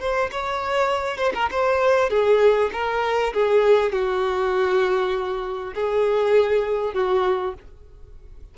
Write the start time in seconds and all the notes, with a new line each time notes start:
0.00 C5
0.32 C#5
1.18 C5
1.34 A#4
1.51 C5
2.10 G#4
2.73 A#4
3.34 G#4
3.92 F#4
5.75 G#4
6.94 F#4